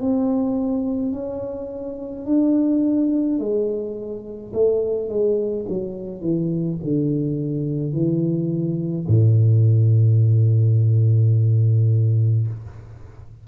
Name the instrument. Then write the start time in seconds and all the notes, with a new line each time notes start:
tuba
0.00 C4
1.12 C#4
2.25 D4
3.39 G#3
4.53 A3
5.09 G#3
5.69 F#3
6.21 E3
6.83 D3
7.92 E3
9.07 A2